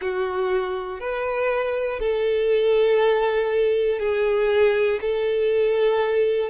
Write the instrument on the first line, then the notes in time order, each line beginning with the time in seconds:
violin
0.01 F#4
1.00 B4
2.00 A4
3.99 G#4
5.00 A4